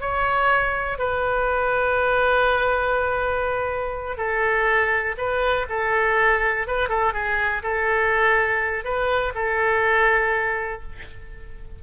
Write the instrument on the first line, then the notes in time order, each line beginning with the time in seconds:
oboe
0.00 C#5
0.98 B4
4.17 A4
5.17 B4
5.69 A4
6.67 B4
6.89 A4
7.13 G#4
7.63 A4
8.84 B4
9.34 A4